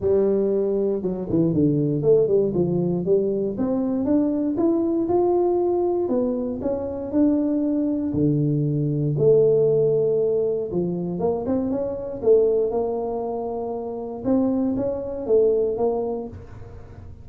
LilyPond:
\new Staff \with { instrumentName = "tuba" } { \time 4/4 \tempo 4 = 118 g2 fis8 e8 d4 | a8 g8 f4 g4 c'4 | d'4 e'4 f'2 | b4 cis'4 d'2 |
d2 a2~ | a4 f4 ais8 c'8 cis'4 | a4 ais2. | c'4 cis'4 a4 ais4 | }